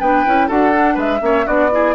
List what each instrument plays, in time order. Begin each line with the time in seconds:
0.00 bassoon B3, clarinet D4, oboe B4, flute G5
0.26 bassoon C#4, clarinet E4
0.48 bassoon D4, clarinet F#4, oboe A4, flute F#5
0.72 clarinet D4
0.94 bassoon G#3, oboe B4, flute E5
1.20 bassoon A#3, clarinet C#4, oboe C#5
1.46 bassoon B3, clarinet D4, oboe F#4, flute D5
1.72 clarinet E4, oboe G#4